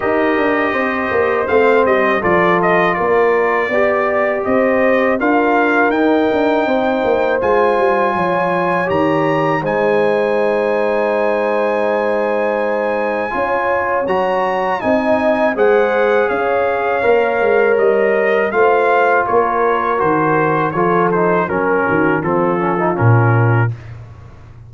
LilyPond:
<<
  \new Staff \with { instrumentName = "trumpet" } { \time 4/4 \tempo 4 = 81 dis''2 f''8 dis''8 d''8 dis''8 | d''2 dis''4 f''4 | g''2 gis''2 | ais''4 gis''2.~ |
gis''2. ais''4 | gis''4 fis''4 f''2 | dis''4 f''4 cis''4 c''4 | cis''8 c''8 ais'4 a'4 ais'4 | }
  \new Staff \with { instrumentName = "horn" } { \time 4/4 ais'4 c''2 a'4 | ais'4 d''4 c''4 ais'4~ | ais'4 c''2 cis''4~ | cis''4 c''2.~ |
c''2 cis''2 | dis''4 c''4 cis''2~ | cis''4 c''4 ais'2 | a'4 ais'8 fis'8 f'2 | }
  \new Staff \with { instrumentName = "trombone" } { \time 4/4 g'2 c'4 f'4~ | f'4 g'2 f'4 | dis'2 f'2 | g'4 dis'2.~ |
dis'2 f'4 fis'4 | dis'4 gis'2 ais'4~ | ais'4 f'2 fis'4 | f'8 dis'8 cis'4 c'8 cis'16 dis'16 cis'4 | }
  \new Staff \with { instrumentName = "tuba" } { \time 4/4 dis'8 d'8 c'8 ais8 a8 g8 f4 | ais4 b4 c'4 d'4 | dis'8 d'8 c'8 ais8 gis8 g8 f4 | dis4 gis2.~ |
gis2 cis'4 fis4 | c'4 gis4 cis'4 ais8 gis8 | g4 a4 ais4 dis4 | f4 fis8 dis8 f4 ais,4 | }
>>